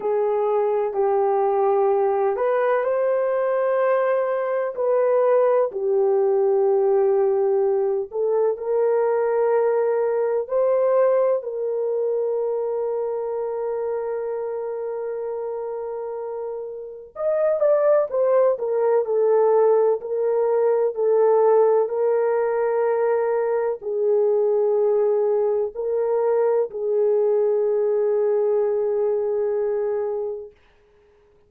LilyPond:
\new Staff \with { instrumentName = "horn" } { \time 4/4 \tempo 4 = 63 gis'4 g'4. b'8 c''4~ | c''4 b'4 g'2~ | g'8 a'8 ais'2 c''4 | ais'1~ |
ais'2 dis''8 d''8 c''8 ais'8 | a'4 ais'4 a'4 ais'4~ | ais'4 gis'2 ais'4 | gis'1 | }